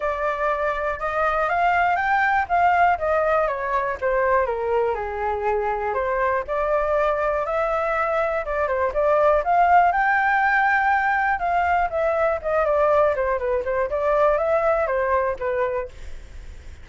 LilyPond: \new Staff \with { instrumentName = "flute" } { \time 4/4 \tempo 4 = 121 d''2 dis''4 f''4 | g''4 f''4 dis''4 cis''4 | c''4 ais'4 gis'2 | c''4 d''2 e''4~ |
e''4 d''8 c''8 d''4 f''4 | g''2. f''4 | e''4 dis''8 d''4 c''8 b'8 c''8 | d''4 e''4 c''4 b'4 | }